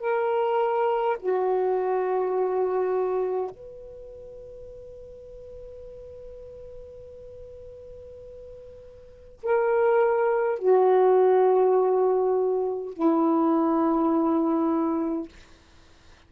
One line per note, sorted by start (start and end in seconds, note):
0.00 1.18 A#4
1.20 3.51 F#4
3.51 9.39 B4
9.43 10.59 A#4
10.59 12.94 F#4
12.94 15.29 E4